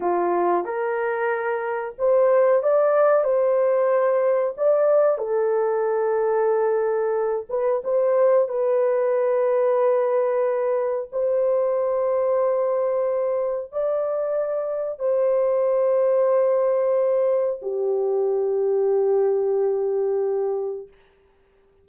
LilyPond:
\new Staff \with { instrumentName = "horn" } { \time 4/4 \tempo 4 = 92 f'4 ais'2 c''4 | d''4 c''2 d''4 | a'2.~ a'8 b'8 | c''4 b'2.~ |
b'4 c''2.~ | c''4 d''2 c''4~ | c''2. g'4~ | g'1 | }